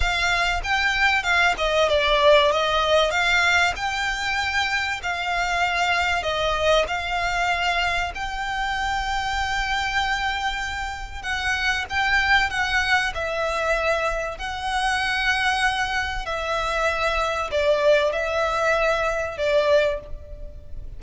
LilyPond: \new Staff \with { instrumentName = "violin" } { \time 4/4 \tempo 4 = 96 f''4 g''4 f''8 dis''8 d''4 | dis''4 f''4 g''2 | f''2 dis''4 f''4~ | f''4 g''2.~ |
g''2 fis''4 g''4 | fis''4 e''2 fis''4~ | fis''2 e''2 | d''4 e''2 d''4 | }